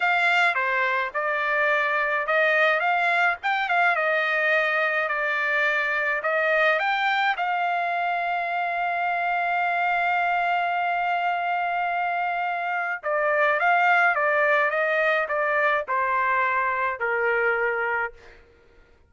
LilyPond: \new Staff \with { instrumentName = "trumpet" } { \time 4/4 \tempo 4 = 106 f''4 c''4 d''2 | dis''4 f''4 g''8 f''8 dis''4~ | dis''4 d''2 dis''4 | g''4 f''2.~ |
f''1~ | f''2. d''4 | f''4 d''4 dis''4 d''4 | c''2 ais'2 | }